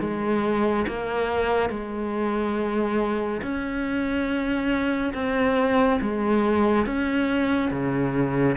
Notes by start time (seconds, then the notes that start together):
0.00 G#3
0.88 A#3
1.69 G#3
3.42 C#4
5.14 C4
6.01 G#3
6.86 C#4
7.71 C#3